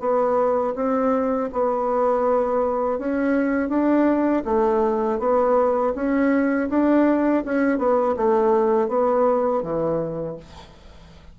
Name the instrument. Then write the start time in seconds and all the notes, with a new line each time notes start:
bassoon
0.00 B3
0.76 C4
1.53 B3
2.99 C#4
3.69 D4
4.45 A3
5.20 B3
5.95 C#4
6.70 D4
7.45 C#4
7.78 B3
8.17 A3
8.89 B3
9.63 E3